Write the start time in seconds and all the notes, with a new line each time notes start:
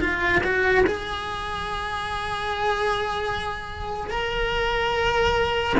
0.00 F4
0.43 F#4
0.86 G#4
4.10 A#4